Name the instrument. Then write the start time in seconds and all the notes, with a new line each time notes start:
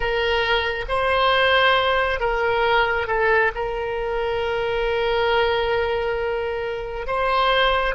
oboe
0.00 A#4
0.88 C5
2.19 A#4
3.07 A4
3.54 A#4
7.06 C5